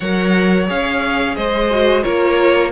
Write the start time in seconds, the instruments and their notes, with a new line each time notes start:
0.00 cello F#3, viola A#4, violin C#5 F#5
0.67 cello C#4, viola G#4, violin F5
1.36 cello G#3, violin C5 D#5
1.71 viola F#4
2.02 cello A#3, viola F4, violin A#4 C#5